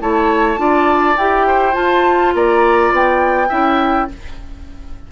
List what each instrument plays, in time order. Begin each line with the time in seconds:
0.00 bassoon A3, clarinet E4, oboe C#5, flute A5
0.57 bassoon D4, clarinet F4, oboe D5
1.17 bassoon E4, clarinet G4, flute G5
1.47 oboe C5
1.73 clarinet F4, bassoon F4, flute A5
2.34 bassoon A#3, oboe D5, flute A#5
2.91 bassoon B3, flute G5
3.48 bassoon C#4, clarinet E4, oboe E5